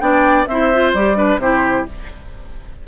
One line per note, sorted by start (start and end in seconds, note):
0.00 0.46 B3
0.00 0.46 D4
0.00 0.49 D5
0.00 0.46 G5
0.46 0.93 C4
0.46 0.73 E4
0.46 1.18 C5
0.46 0.92 E5
0.73 0.96 F4
0.94 1.37 G3
0.94 1.15 G4
0.94 1.40 D5
1.15 1.38 D4
1.15 1.40 B4
1.37 1.83 C3
1.37 1.87 E4
1.37 1.87 G4
1.37 1.86 C5